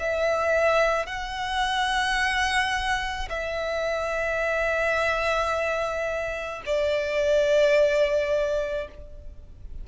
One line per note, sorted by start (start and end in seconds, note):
0.00 1.07 E5
1.07 3.29 F#5
3.30 6.63 E5
6.66 8.88 D5